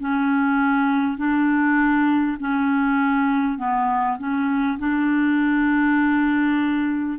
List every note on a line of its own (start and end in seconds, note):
0.00 1.17 C#4
1.17 2.37 D4
2.39 3.58 C#4
3.58 4.18 B3
4.18 4.78 C#4
4.79 7.19 D4